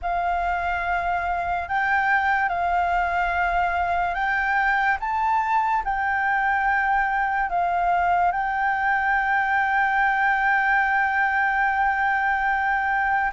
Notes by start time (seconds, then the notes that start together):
0.02 F5
1.68 G5
2.48 F5
4.14 G5
5.00 A5
5.84 G5
7.49 F5
8.31 G5